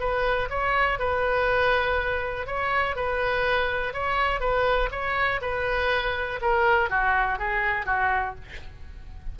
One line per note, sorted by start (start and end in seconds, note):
0.00 0.49 B4
0.50 0.99 C#5
0.99 2.47 B4
2.47 2.96 C#5
2.96 3.93 B4
3.93 4.40 C#5
4.40 4.90 B4
4.92 5.41 C#5
5.42 6.40 B4
6.42 6.90 A#4
6.90 7.39 F#4
7.39 7.86 G#4
7.86 8.35 F#4